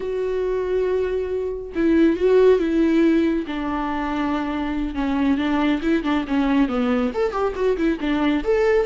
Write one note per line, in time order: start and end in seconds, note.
0.00 1.72 F#4
1.75 2.16 E4
2.16 2.59 F#4
2.59 3.45 E4
3.46 4.94 D4
4.94 5.37 C#4
5.37 5.81 D4
5.82 6.03 E4
6.03 6.25 D4
6.27 6.68 C#4
6.68 7.11 B3
7.14 7.32 A4
7.32 7.53 G4
7.55 7.76 F#4
7.77 7.98 E4
8.00 8.43 D4
8.44 8.85 A4